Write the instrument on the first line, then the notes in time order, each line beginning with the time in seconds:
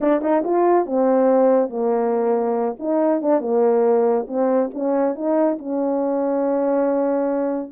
horn
0.00 D4
0.21 D#4
0.44 F4
0.86 C4
1.69 A#3
2.79 D#4
3.21 D4
3.40 A#3
4.27 C4
4.74 C#4
5.15 D#4
5.58 C#4